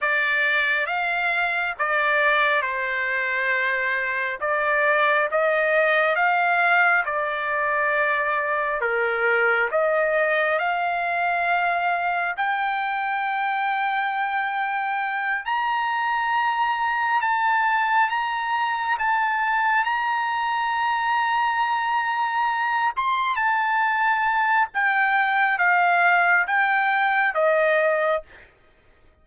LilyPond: \new Staff \with { instrumentName = "trumpet" } { \time 4/4 \tempo 4 = 68 d''4 f''4 d''4 c''4~ | c''4 d''4 dis''4 f''4 | d''2 ais'4 dis''4 | f''2 g''2~ |
g''4. ais''2 a''8~ | a''8 ais''4 a''4 ais''4.~ | ais''2 c'''8 a''4. | g''4 f''4 g''4 dis''4 | }